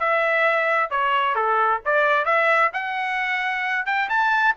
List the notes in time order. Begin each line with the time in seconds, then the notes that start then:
0.00 E5
0.91 C#5
1.36 A4
1.86 D5
2.26 E5
2.74 F#5
3.86 G5
4.10 A5